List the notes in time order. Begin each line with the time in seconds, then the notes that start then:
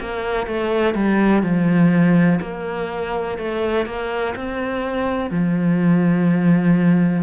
0.00 A#3
0.47 A3
0.95 G3
1.43 F3
2.41 A#3
3.38 A3
3.86 A#3
4.35 C4
5.31 F3